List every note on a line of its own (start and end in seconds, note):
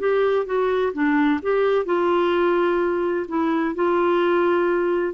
0.00 0.46 G4
0.46 0.93 F#4
0.94 1.41 D4
1.43 1.86 G4
1.86 3.27 F4
3.29 3.75 E4
3.75 5.14 F4